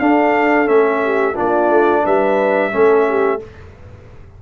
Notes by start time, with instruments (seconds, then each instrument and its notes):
0.00 tuba D4, trombone D4, horn A4, trumpet F5
0.66 tuba A3, trombone C#4, trumpet E5
1.04 horn G4
1.35 tuba A#3, trombone D4, horn F4, trumpet D5
1.70 tuba A3
2.04 tuba G3, horn B4, trumpet E5
2.72 tuba A3, trombone C#4, horn A4
3.09 horn G4